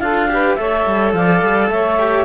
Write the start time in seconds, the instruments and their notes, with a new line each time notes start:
0.00 cello D4 F4, saxophone A4, clarinet F5
0.29 cello G4, saxophone B4
0.55 cello A3 A4, saxophone C#5, clarinet E5
0.86 cello G3
1.13 cello F3, saxophone D5, clarinet F5
1.42 cello G3
1.70 cello A3, saxophone C#5, clarinet E5
1.99 cello G4